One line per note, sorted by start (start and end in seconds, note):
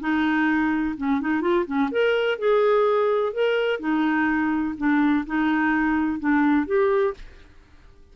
0.00 0.95 D#4
0.97 1.21 C#4
1.21 1.41 D#4
1.41 1.65 F4
1.66 1.90 C#4
1.91 2.38 A#4
2.38 3.33 G#4
3.33 3.80 A#4
3.80 4.75 D#4
4.77 5.25 D4
5.26 6.20 D#4
6.20 6.66 D4
6.66 7.14 G4